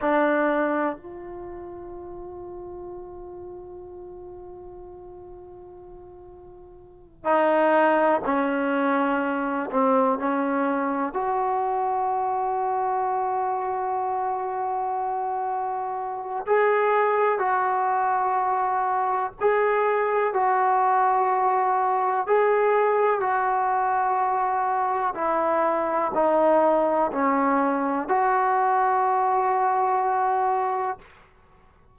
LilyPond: \new Staff \with { instrumentName = "trombone" } { \time 4/4 \tempo 4 = 62 d'4 f'2.~ | f'2.~ f'8 dis'8~ | dis'8 cis'4. c'8 cis'4 fis'8~ | fis'1~ |
fis'4 gis'4 fis'2 | gis'4 fis'2 gis'4 | fis'2 e'4 dis'4 | cis'4 fis'2. | }